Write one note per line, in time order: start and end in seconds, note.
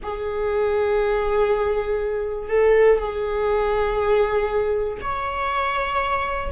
0.02 2.49 G#4
2.49 2.98 A4
2.98 4.98 G#4
5.00 6.50 C#5